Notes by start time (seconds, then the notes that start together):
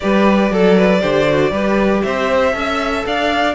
0.00 G3 G4 B4 D5
0.50 F#3 A4
0.77 B4
1.00 D3 G4 C5
1.29 F#4
1.51 G3 G4 B4
2.02 C4 C5 E5
2.52 C#4 A4 E5
3.06 D4 D5 F5